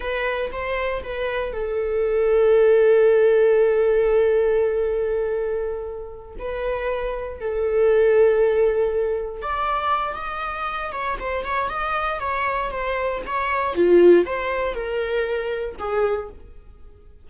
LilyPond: \new Staff \with { instrumentName = "viola" } { \time 4/4 \tempo 4 = 118 b'4 c''4 b'4 a'4~ | a'1~ | a'1~ | a'8 b'2 a'4.~ |
a'2~ a'8 d''4. | dis''4. cis''8 c''8 cis''8 dis''4 | cis''4 c''4 cis''4 f'4 | c''4 ais'2 gis'4 | }